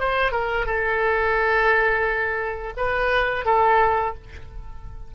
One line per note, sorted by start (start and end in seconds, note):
0.00 0.32 C5
0.32 0.66 A#4
0.67 2.74 A4
2.77 3.46 B4
3.46 4.15 A4